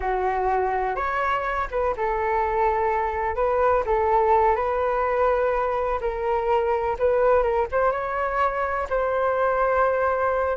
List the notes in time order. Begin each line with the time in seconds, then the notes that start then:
0.00 F#4
0.95 C#5
1.70 B4
1.96 A4
3.35 B4
3.86 A4
4.55 B4
6.00 A#4
6.99 B4
7.42 A#4
7.71 C5
7.91 C#5
8.89 C5